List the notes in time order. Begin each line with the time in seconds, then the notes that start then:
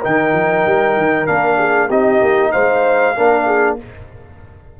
0.00 D#3 D#4 A#4 G5
0.33 F3
0.66 G3
0.96 D#3
1.27 A#3 D4 F5
1.58 G#4
1.88 C4 D#4 G4 D#5
2.21 A#3
2.52 G#3 C5 F5
3.16 A#3 D4 A#4
3.46 G#4